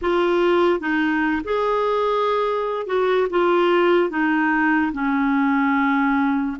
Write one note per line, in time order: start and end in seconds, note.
0.01 0.80 F4
0.80 1.42 D#4
1.44 2.86 G#4
2.86 3.27 F#4
3.30 4.09 F4
4.09 4.92 D#4
4.92 6.57 C#4